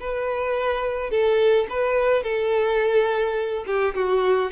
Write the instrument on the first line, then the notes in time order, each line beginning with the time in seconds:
violin
0.00 B4
1.10 A4
1.69 B4
2.23 A4
3.66 G4
3.95 F#4